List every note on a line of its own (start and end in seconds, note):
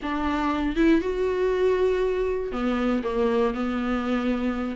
0.02 0.76 D4
0.76 1.01 E4
1.01 2.52 F#4
2.52 3.02 B3
3.03 3.54 A#3
3.54 4.76 B3